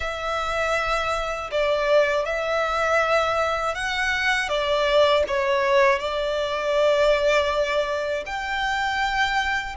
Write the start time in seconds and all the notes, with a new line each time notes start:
0.00 E5
1.51 D5
2.25 E5
3.74 F#5
4.48 D5
5.27 C#5
5.99 D5
8.25 G5